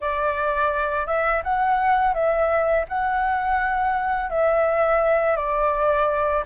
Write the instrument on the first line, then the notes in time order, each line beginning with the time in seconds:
flute
0.00 D5
1.06 E5
1.43 F#5
2.14 E5
2.88 F#5
4.30 E5
5.36 D5